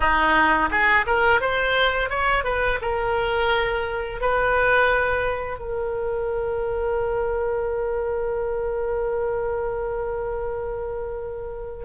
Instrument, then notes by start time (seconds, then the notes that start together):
oboe
0.00 D#4
0.70 G#4
1.06 A#4
1.40 C5
2.09 C#5
2.44 B4
2.81 A#4
4.20 B4
5.58 A#4